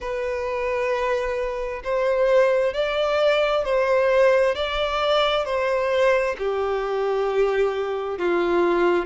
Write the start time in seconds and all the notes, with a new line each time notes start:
0.00 B4
1.84 C5
2.73 D5
3.64 C5
4.55 D5
5.45 C5
6.38 G4
8.18 F4